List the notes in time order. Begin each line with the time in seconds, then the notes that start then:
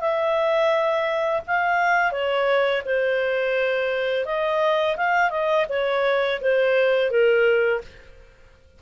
0.00 E5
1.47 F5
2.11 C#5
2.85 C5
4.25 D#5
4.96 F5
5.30 D#5
5.69 C#5
6.41 C5
7.10 A#4